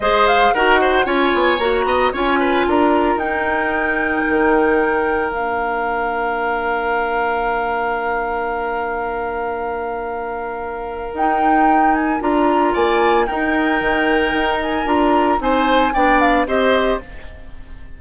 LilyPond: <<
  \new Staff \with { instrumentName = "flute" } { \time 4/4 \tempo 4 = 113 dis''8 f''8 fis''4 gis''4 ais''4 | gis''4 ais''4 g''2~ | g''2 f''2~ | f''1~ |
f''1~ | f''4 g''4. gis''8 ais''4 | gis''4 g''2~ g''8 gis''8 | ais''4 gis''4 g''8 f''8 dis''4 | }
  \new Staff \with { instrumentName = "oboe" } { \time 4/4 c''4 ais'8 c''8 cis''4. dis''8 | cis''8 b'8 ais'2.~ | ais'1~ | ais'1~ |
ais'1~ | ais'1 | d''4 ais'2.~ | ais'4 c''4 d''4 c''4 | }
  \new Staff \with { instrumentName = "clarinet" } { \time 4/4 gis'4 fis'4 f'4 fis'4 | f'2 dis'2~ | dis'2 d'2~ | d'1~ |
d'1~ | d'4 dis'2 f'4~ | f'4 dis'2. | f'4 dis'4 d'4 g'4 | }
  \new Staff \with { instrumentName = "bassoon" } { \time 4/4 gis4 dis'4 cis'8 b8 ais8 b8 | cis'4 d'4 dis'2 | dis2 ais2~ | ais1~ |
ais1~ | ais4 dis'2 d'4 | ais4 dis'4 dis4 dis'4 | d'4 c'4 b4 c'4 | }
>>